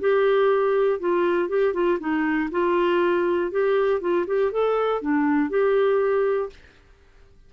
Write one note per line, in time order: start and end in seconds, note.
0.00 1.00 G4
1.00 1.49 F4
1.49 1.73 G4
1.73 1.98 F4
1.99 2.49 D#4
2.51 3.51 F4
3.51 4.00 G4
4.00 4.25 F4
4.27 4.51 G4
4.51 5.01 A4
5.01 5.50 D4
5.50 6.50 G4